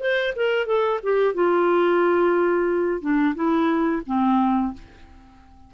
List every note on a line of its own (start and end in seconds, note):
0.00 0.34 C5
0.36 0.66 A#4
0.66 1.00 A4
1.03 1.35 G4
1.35 3.01 F4
3.01 3.35 D4
3.35 4.02 E4
4.06 4.74 C4